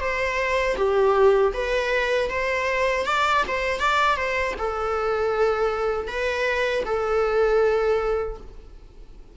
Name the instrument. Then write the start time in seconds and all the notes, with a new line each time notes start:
viola
0.00 C5
0.76 G4
1.54 B4
2.30 C5
3.06 D5
3.48 C5
3.79 D5
4.16 C5
4.58 A4
6.08 B4
6.85 A4